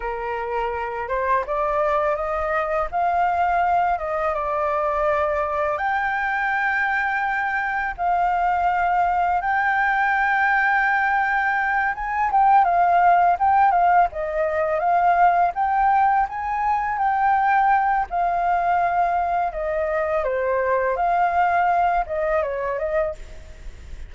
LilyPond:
\new Staff \with { instrumentName = "flute" } { \time 4/4 \tempo 4 = 83 ais'4. c''8 d''4 dis''4 | f''4. dis''8 d''2 | g''2. f''4~ | f''4 g''2.~ |
g''8 gis''8 g''8 f''4 g''8 f''8 dis''8~ | dis''8 f''4 g''4 gis''4 g''8~ | g''4 f''2 dis''4 | c''4 f''4. dis''8 cis''8 dis''8 | }